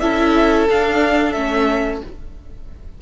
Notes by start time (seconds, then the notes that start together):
0.00 C#4 E4 A4 E5
0.69 D4 F5
1.32 A3 C#4 E5